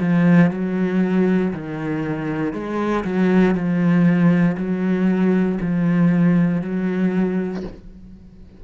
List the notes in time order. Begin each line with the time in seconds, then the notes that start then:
0.00 F3
0.51 F#3
1.53 D#3
2.53 G#3
3.05 F#3
3.55 F3
4.57 F#3
5.61 F3
6.61 F#3